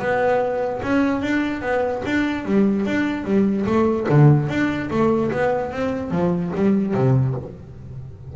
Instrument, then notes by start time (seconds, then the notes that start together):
double bass
0.00 B3
0.83 C#4
1.22 D4
1.62 B3
2.06 D4
2.46 G3
2.86 D4
3.25 G3
3.66 A3
4.09 D3
4.49 D4
4.91 A3
5.32 B3
5.72 C4
6.11 F3
6.56 G3
6.94 C3